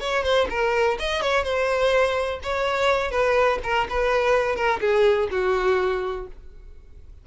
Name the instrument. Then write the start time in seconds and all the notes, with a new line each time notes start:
violin
0.00 C#5
0.23 C5
0.50 A#4
0.99 D#5
1.21 C#5
1.43 C5
2.43 C#5
3.11 B4
3.63 A#4
3.89 B4
4.56 A#4
4.80 G#4
5.31 F#4